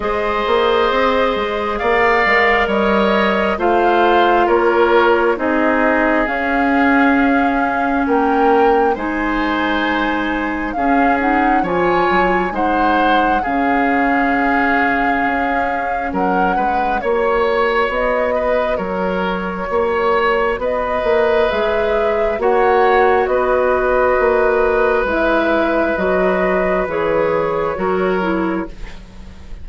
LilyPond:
<<
  \new Staff \with { instrumentName = "flute" } { \time 4/4 \tempo 4 = 67 dis''2 f''4 dis''4 | f''4 cis''4 dis''4 f''4~ | f''4 g''4 gis''2 | f''8 fis''8 gis''4 fis''4 f''4~ |
f''2 fis''4 cis''4 | dis''4 cis''2 dis''4 | e''4 fis''4 dis''2 | e''4 dis''4 cis''2 | }
  \new Staff \with { instrumentName = "oboe" } { \time 4/4 c''2 d''4 cis''4 | c''4 ais'4 gis'2~ | gis'4 ais'4 c''2 | gis'4 cis''4 c''4 gis'4~ |
gis'2 ais'8 b'8 cis''4~ | cis''8 b'8 ais'4 cis''4 b'4~ | b'4 cis''4 b'2~ | b'2. ais'4 | }
  \new Staff \with { instrumentName = "clarinet" } { \time 4/4 gis'2~ gis'8 ais'4. | f'2 dis'4 cis'4~ | cis'2 dis'2 | cis'8 dis'8 f'4 dis'4 cis'4~ |
cis'2. fis'4~ | fis'1 | gis'4 fis'2. | e'4 fis'4 gis'4 fis'8 e'8 | }
  \new Staff \with { instrumentName = "bassoon" } { \time 4/4 gis8 ais8 c'8 gis8 ais8 gis8 g4 | a4 ais4 c'4 cis'4~ | cis'4 ais4 gis2 | cis'4 f8 fis8 gis4 cis4~ |
cis4 cis'4 fis8 gis8 ais4 | b4 fis4 ais4 b8 ais8 | gis4 ais4 b4 ais4 | gis4 fis4 e4 fis4 | }
>>